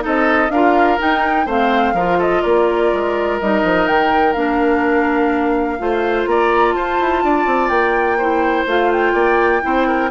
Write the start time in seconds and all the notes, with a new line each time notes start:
0.00 C4 D#4 A4 D#5
0.49 D4 F4 A#4 F5
0.98 D#4 G5
1.46 A3 C4 C5 F5
1.93 F3 F4 A#4
2.18 A4 D#5
2.42 A#3 A#4 D5
2.93 G#3
3.40 G3 D#4 D#5
3.64 F3
3.87 D#3 G5
4.33 A#3 D4 F5
5.79 A3 F4 C5
6.26 A#3 D5 A#5
6.73 F4 C5 A5
7.00 E4
7.24 D4 D5
7.46 C4
7.69 A#3 G5
8.18 E4 C5
8.66 A3 F4 F5
8.92 G5
9.13 A#3 D5
9.61 C4 E4 C5
9.87 A#4